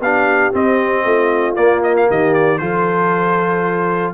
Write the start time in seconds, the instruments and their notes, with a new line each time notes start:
0.00 tuba B3, trombone D4, horn G4, trumpet F5
0.52 trombone C4, tuba C4, trumpet D#5
1.04 tuba A3, horn F4
1.55 tuba A#3, trombone A#3, trumpet D5
1.83 trumpet D#5
1.96 trumpet F5
2.08 tuba D#3, horn G4, trumpet D#5
2.34 trumpet D5
2.58 tuba F3, trombone F4, horn A4, trumpet C5